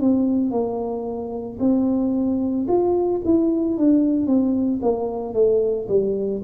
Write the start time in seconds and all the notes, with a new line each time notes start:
0.00 C4
0.51 A#3
1.60 C4
2.68 F4
3.25 E4
3.78 D4
4.27 C4
4.82 A#3
5.34 A3
5.89 G3